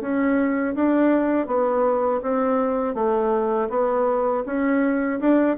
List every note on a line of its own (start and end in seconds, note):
0.00 0.74 C#4
0.74 1.47 D4
1.47 2.21 B3
2.22 2.94 C4
2.94 3.68 A3
3.69 4.43 B3
4.45 5.20 C#4
5.20 5.57 D4